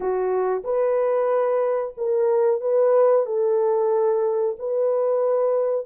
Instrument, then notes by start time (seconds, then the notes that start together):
horn
0.00 F#4
0.63 B4
1.97 A#4
2.61 B4
3.26 A4
4.58 B4